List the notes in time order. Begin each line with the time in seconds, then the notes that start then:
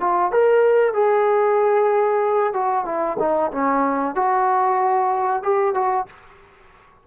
0.00 F4
0.32 A#4
0.94 G#4
2.53 F#4
2.85 E4
3.19 D#4
3.52 C#4
4.15 F#4
5.43 G4
5.74 F#4